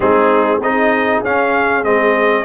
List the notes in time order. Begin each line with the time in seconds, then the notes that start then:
0.00 G#3 C4 D#4 G#4
0.58 C4 D#4 G#4 D#5
1.22 C#4 F5
1.83 G#3 C4 D#5